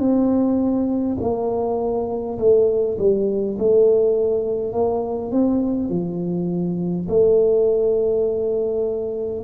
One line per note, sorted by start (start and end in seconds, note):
0.00 1.18 C4
1.21 2.39 A#3
2.39 2.98 A3
2.99 3.58 G3
3.59 4.73 A3
4.73 5.32 A#3
5.32 5.90 C4
5.90 7.07 F3
7.09 9.44 A3